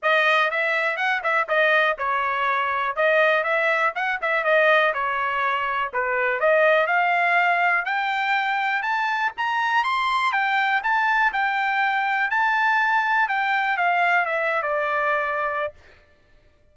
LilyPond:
\new Staff \with { instrumentName = "trumpet" } { \time 4/4 \tempo 4 = 122 dis''4 e''4 fis''8 e''8 dis''4 | cis''2 dis''4 e''4 | fis''8 e''8 dis''4 cis''2 | b'4 dis''4 f''2 |
g''2 a''4 ais''4 | c'''4 g''4 a''4 g''4~ | g''4 a''2 g''4 | f''4 e''8. d''2~ d''16 | }